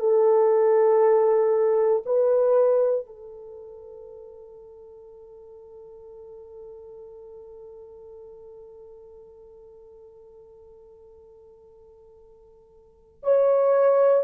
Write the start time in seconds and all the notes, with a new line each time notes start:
0.00 A4
2.06 B4
3.06 A4
13.23 C#5